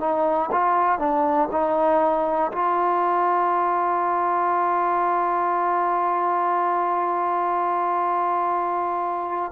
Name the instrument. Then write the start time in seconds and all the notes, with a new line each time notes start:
trombone
0.00 D#4
0.51 F4
0.99 D4
1.51 D#4
2.51 F4